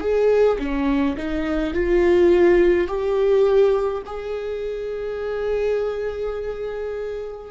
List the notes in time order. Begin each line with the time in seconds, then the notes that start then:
0.00 G#4
0.59 C#4
1.17 D#4
1.74 F4
2.87 G4
4.05 G#4